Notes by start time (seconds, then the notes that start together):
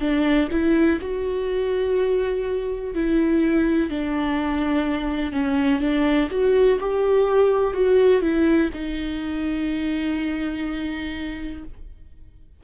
0.00 D4
0.51 E4
1.00 F#4
2.94 E4
3.89 D4
5.32 C#4
5.80 D4
6.30 F#4
6.79 G4
7.73 F#4
8.21 E4
8.73 D#4